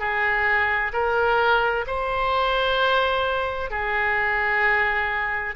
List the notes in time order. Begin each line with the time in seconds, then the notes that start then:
0.00 G#4
0.94 A#4
1.88 C5
3.71 G#4